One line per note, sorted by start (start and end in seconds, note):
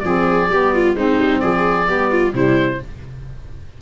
0.00 0.49 F3
0.00 0.49 C4
0.00 0.51 G#4
0.00 0.92 D5
0.49 0.95 G3
0.49 0.96 B3
0.49 0.74 G4
0.74 0.97 F4
0.95 1.18 G#3
0.95 1.85 C4
0.95 1.42 D#4
0.95 1.40 C5
1.18 1.41 G3
1.40 1.88 F3
1.40 1.88 G#4
1.40 2.32 D5
1.85 2.33 G3
1.85 2.32 B3
1.85 2.11 G4
2.11 2.34 F4
2.32 2.79 C3
2.32 2.78 G3
2.32 2.81 E4
2.32 2.82 C5